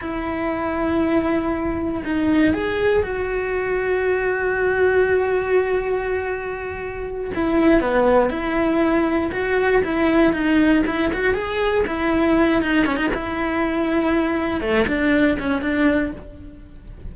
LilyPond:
\new Staff \with { instrumentName = "cello" } { \time 4/4 \tempo 4 = 119 e'1 | dis'4 gis'4 fis'2~ | fis'1~ | fis'2~ fis'8 e'4 b8~ |
b8 e'2 fis'4 e'8~ | e'8 dis'4 e'8 fis'8 gis'4 e'8~ | e'4 dis'8 cis'16 dis'16 e'2~ | e'4 a8 d'4 cis'8 d'4 | }